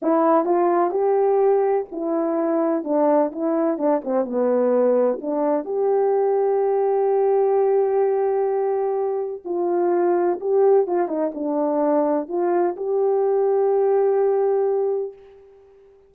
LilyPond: \new Staff \with { instrumentName = "horn" } { \time 4/4 \tempo 4 = 127 e'4 f'4 g'2 | e'2 d'4 e'4 | d'8 c'8 b2 d'4 | g'1~ |
g'1 | f'2 g'4 f'8 dis'8 | d'2 f'4 g'4~ | g'1 | }